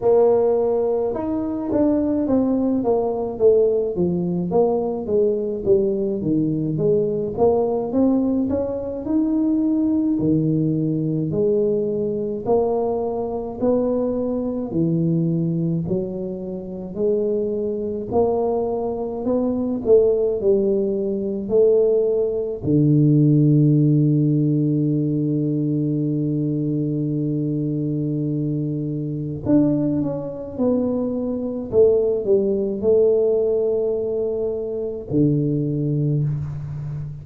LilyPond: \new Staff \with { instrumentName = "tuba" } { \time 4/4 \tempo 4 = 53 ais4 dis'8 d'8 c'8 ais8 a8 f8 | ais8 gis8 g8 dis8 gis8 ais8 c'8 cis'8 | dis'4 dis4 gis4 ais4 | b4 e4 fis4 gis4 |
ais4 b8 a8 g4 a4 | d1~ | d2 d'8 cis'8 b4 | a8 g8 a2 d4 | }